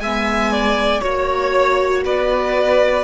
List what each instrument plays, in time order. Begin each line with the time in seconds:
0.00 cello G#3, viola B3, violin E5 G#5
0.53 violin D5
1.00 cello A#3, viola F#4, violin C#5
2.05 cello B3, violin B4 D5